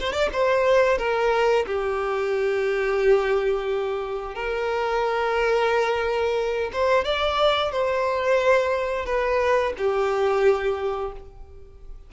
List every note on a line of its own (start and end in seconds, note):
0.00 0.12 C5
0.12 0.29 D5
0.33 0.98 C5
0.98 1.65 A#4
1.66 4.35 G4
4.35 6.70 A#4
6.73 7.04 C5
7.04 7.72 D5
7.72 9.06 C5
9.06 9.73 B4
9.78 11.12 G4